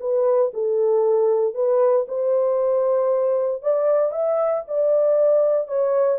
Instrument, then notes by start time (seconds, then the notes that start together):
horn
0.00 B4
0.54 A4
1.54 B4
2.08 C5
3.62 D5
4.11 E5
4.68 D5
5.68 C#5